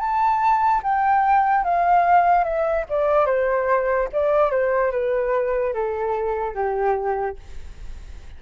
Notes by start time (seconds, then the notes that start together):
0.00 A5
0.83 G5
1.64 F5
2.44 E5
2.90 D5
3.27 C5
4.13 D5
4.51 C5
4.92 B4
5.74 A4
6.55 G4